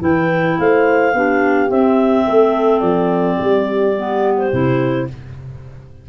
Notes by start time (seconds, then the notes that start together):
0.00 E3 E4 B4 G5
0.60 A3 C5 F5
1.14 B3 D4 G4
1.69 C4 E5
2.25 A3 A4
2.80 F3 D5
3.38 G3 G4
3.97 B3
4.38 C5
4.52 C3 E4